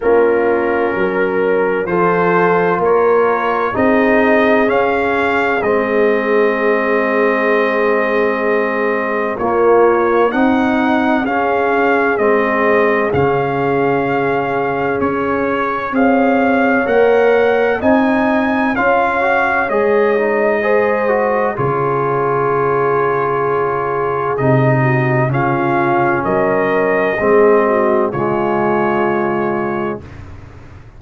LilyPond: <<
  \new Staff \with { instrumentName = "trumpet" } { \time 4/4 \tempo 4 = 64 ais'2 c''4 cis''4 | dis''4 f''4 dis''2~ | dis''2 cis''4 fis''4 | f''4 dis''4 f''2 |
cis''4 f''4 fis''4 gis''4 | f''4 dis''2 cis''4~ | cis''2 dis''4 f''4 | dis''2 cis''2 | }
  \new Staff \with { instrumentName = "horn" } { \time 4/4 f'4 ais'4 a'4 ais'4 | gis'1~ | gis'2 f'4 dis'4 | gis'1~ |
gis'4 cis''2 dis''4 | cis''2 c''4 gis'4~ | gis'2~ gis'8 fis'8 f'4 | ais'4 gis'8 fis'8 f'2 | }
  \new Staff \with { instrumentName = "trombone" } { \time 4/4 cis'2 f'2 | dis'4 cis'4 c'2~ | c'2 ais4 dis'4 | cis'4 c'4 cis'2~ |
cis'4 gis'4 ais'4 dis'4 | f'8 fis'8 gis'8 dis'8 gis'8 fis'8 f'4~ | f'2 dis'4 cis'4~ | cis'4 c'4 gis2 | }
  \new Staff \with { instrumentName = "tuba" } { \time 4/4 ais4 fis4 f4 ais4 | c'4 cis'4 gis2~ | gis2 ais4 c'4 | cis'4 gis4 cis2 |
cis'4 c'4 ais4 c'4 | cis'4 gis2 cis4~ | cis2 c4 cis4 | fis4 gis4 cis2 | }
>>